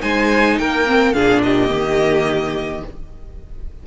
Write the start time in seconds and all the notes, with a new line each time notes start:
0.00 G#3 D#4 C5 G#5
0.58 A#3 A#4 G5
0.87 C4
1.13 A#2 D4 G#4 F5
1.43 G4 D#5
1.69 D#3 A#3